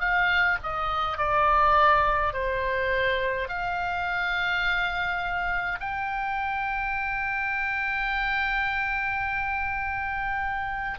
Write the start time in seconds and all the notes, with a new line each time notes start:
0.00 F5
0.63 D#5
1.18 D5
2.33 C5
3.49 F5
5.80 G5